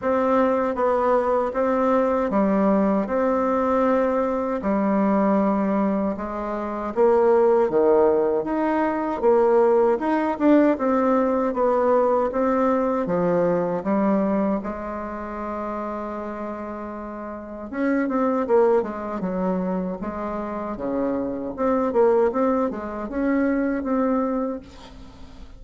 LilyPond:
\new Staff \with { instrumentName = "bassoon" } { \time 4/4 \tempo 4 = 78 c'4 b4 c'4 g4 | c'2 g2 | gis4 ais4 dis4 dis'4 | ais4 dis'8 d'8 c'4 b4 |
c'4 f4 g4 gis4~ | gis2. cis'8 c'8 | ais8 gis8 fis4 gis4 cis4 | c'8 ais8 c'8 gis8 cis'4 c'4 | }